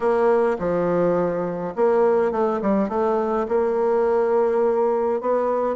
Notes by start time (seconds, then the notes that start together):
0.00 A#3
0.58 F3
1.75 A#3
2.31 A3
2.61 G3
2.88 A3
3.48 A#3
5.21 B3